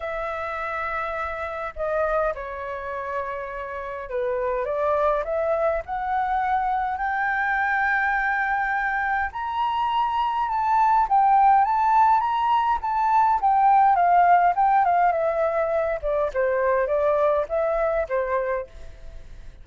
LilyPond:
\new Staff \with { instrumentName = "flute" } { \time 4/4 \tempo 4 = 103 e''2. dis''4 | cis''2. b'4 | d''4 e''4 fis''2 | g''1 |
ais''2 a''4 g''4 | a''4 ais''4 a''4 g''4 | f''4 g''8 f''8 e''4. d''8 | c''4 d''4 e''4 c''4 | }